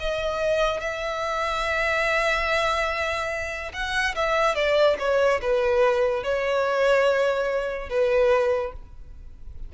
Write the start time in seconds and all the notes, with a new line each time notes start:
0.00 D#5
0.81 E5
3.74 F#5
4.16 E5
4.55 D5
4.99 C#5
5.42 B4
6.24 C#5
7.89 B4